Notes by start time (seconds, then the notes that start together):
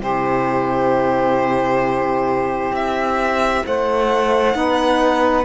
0.00 C3 E4 G4 C5
2.71 C4 E5
3.66 A3 C5 F#5
4.52 B3 D#4 B4